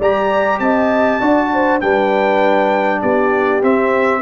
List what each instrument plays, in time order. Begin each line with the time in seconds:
0.00 tuba G3, trombone G4, horn D5, trumpet A#5
0.59 tuba C4, horn D#5, trumpet A5
1.20 tuba D4, trombone F#4, horn D5
1.53 horn C5
1.81 tuba G3, trombone D4, horn B4, trumpet G5
3.01 tuba B3, horn G4, trumpet D5
3.62 trombone C4, tuba C4, trumpet E5